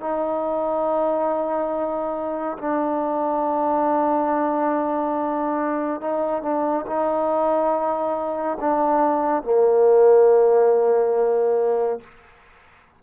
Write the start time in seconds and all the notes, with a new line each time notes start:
0.00 D#4
2.58 D4
6.00 D#4
6.42 D4
6.86 D#4
8.60 D4
9.43 A#3